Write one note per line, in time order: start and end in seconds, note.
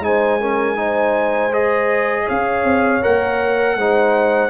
0.00 2.25 G#3
0.00 0.40 D#4
0.00 0.41 C5
0.00 1.53 G#5
0.40 0.76 C#4
0.40 0.78 A#4
0.76 1.51 D#4
0.76 2.25 C5
1.53 3.02 G#4
1.53 2.28 D#5
2.25 2.64 C#4
2.25 3.75 C#5
2.25 3.03 F5
2.64 3.02 C4
3.02 3.76 A#3
3.02 3.77 A#4
3.02 4.50 F#5
3.76 4.50 G#3
3.76 4.50 D#4
3.76 4.50 C5